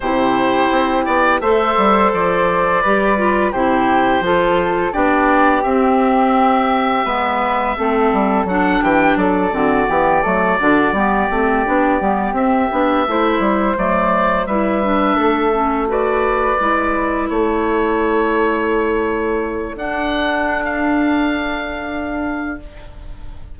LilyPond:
<<
  \new Staff \with { instrumentName = "oboe" } { \time 4/4 \tempo 4 = 85 c''4. d''8 e''4 d''4~ | d''4 c''2 d''4 | e''1 | fis''8 g''8 d''2.~ |
d''4. e''2 d''8~ | d''8 e''2 d''4.~ | d''8 cis''2.~ cis''8 | fis''4~ fis''16 f''2~ f''8. | }
  \new Staff \with { instrumentName = "flute" } { \time 4/4 g'2 c''2 | b'4 g'4 a'4 g'4~ | g'2 b'4 a'4~ | a'8 g'8 a'8 fis'8 g'8 a'8 fis'8 g'8~ |
g'2~ g'8 c''4.~ | c''8 b'4 a'4 b'4.~ | b'8 a'2.~ a'8~ | a'1 | }
  \new Staff \with { instrumentName = "clarinet" } { \time 4/4 e'2 a'2 | g'8 f'8 e'4 f'4 d'4 | c'2 b4 c'4 | d'4. c'8 b8 a8 d'8 b8 |
c'8 d'8 b8 c'8 d'8 e'4 a8~ | a8 e'8 d'4 cis'8 fis'4 e'8~ | e'1 | d'1 | }
  \new Staff \with { instrumentName = "bassoon" } { \time 4/4 c4 c'8 b8 a8 g8 f4 | g4 c4 f4 b4 | c'2 gis4 a8 g8 | fis8 e8 fis8 d8 e8 fis8 d8 g8 |
a8 b8 g8 c'8 b8 a8 g8 fis8~ | fis8 g4 a2 gis8~ | gis8 a2.~ a8 | d'1 | }
>>